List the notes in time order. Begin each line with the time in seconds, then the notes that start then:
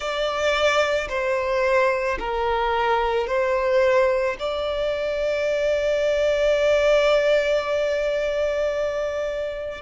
0.00 D5
1.09 C5
2.19 A#4
3.27 C5
4.39 D5